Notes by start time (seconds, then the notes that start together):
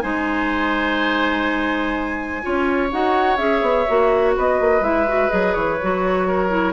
0.00 G#3 D#4 C5 G#5
2.42 C#4 F4 C#5
2.92 D#4 F#4 F#5
3.37 C#4 G#4 E5
3.61 B3
3.88 A#3 F#4
4.36 B3 B4 D#5
4.60 A#3
4.81 G#3 E4 E5
5.08 F#4
5.29 F#3 G#4 D#5
5.54 E3 C#5
5.82 F#3 F#4
6.27 A#4
6.49 E4